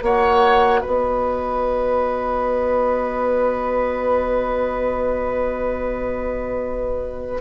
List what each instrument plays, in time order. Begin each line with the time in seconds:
0.00 bassoon A#3, clarinet F#4, oboe C#5, flute F#5
0.80 bassoon B3, oboe B4, flute D#5